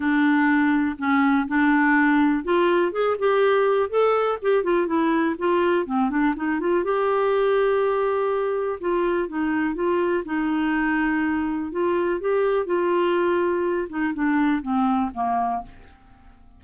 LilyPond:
\new Staff \with { instrumentName = "clarinet" } { \time 4/4 \tempo 4 = 123 d'2 cis'4 d'4~ | d'4 f'4 gis'8 g'4. | a'4 g'8 f'8 e'4 f'4 | c'8 d'8 dis'8 f'8 g'2~ |
g'2 f'4 dis'4 | f'4 dis'2. | f'4 g'4 f'2~ | f'8 dis'8 d'4 c'4 ais4 | }